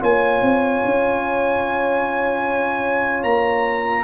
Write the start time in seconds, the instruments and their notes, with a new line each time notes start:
0.00 tuba A#3, trombone F4, horn C#5, trumpet G#5
0.42 tuba C4
0.85 tuba C#4
3.24 tuba A#3, trumpet A#5